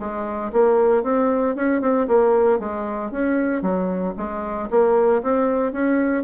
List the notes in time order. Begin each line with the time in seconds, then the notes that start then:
0.00 G#3
0.53 A#3
1.04 C4
1.56 C#4
1.82 C4
2.08 A#3
2.59 G#3
3.12 C#4
3.62 F#3
4.18 G#3
4.71 A#3
5.23 C4
5.73 C#4